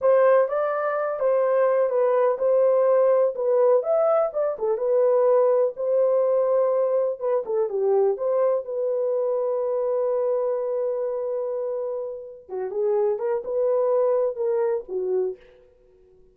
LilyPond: \new Staff \with { instrumentName = "horn" } { \time 4/4 \tempo 4 = 125 c''4 d''4. c''4. | b'4 c''2 b'4 | e''4 d''8 a'8 b'2 | c''2. b'8 a'8 |
g'4 c''4 b'2~ | b'1~ | b'2 fis'8 gis'4 ais'8 | b'2 ais'4 fis'4 | }